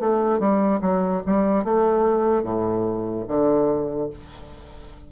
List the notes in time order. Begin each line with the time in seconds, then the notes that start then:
0.00 A3
0.40 G3
0.81 F#3
1.26 G3
1.64 A3
2.43 A2
3.28 D3